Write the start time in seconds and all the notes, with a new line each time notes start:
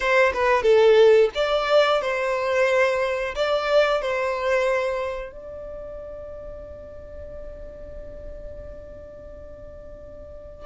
0.00 C5
0.33 B4
0.62 A4
1.35 D5
2.01 C5
3.35 D5
4.01 C5
5.32 D5